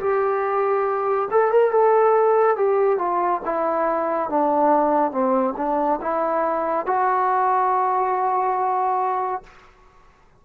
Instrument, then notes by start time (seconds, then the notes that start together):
trombone
0.00 G4
1.31 A4
1.52 A#4
1.72 A4
2.57 G4
2.98 F4
3.45 E4
4.30 D4
5.12 C4
5.57 D4
6.02 E4
6.86 F#4